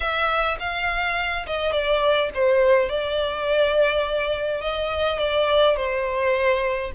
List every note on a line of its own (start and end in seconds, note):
0.00 0.57 E5
0.59 1.46 F5
1.46 1.72 D#5
1.72 2.29 D5
2.34 2.89 C5
2.89 4.61 D5
4.61 5.18 D#5
5.18 5.76 D5
5.76 6.91 C5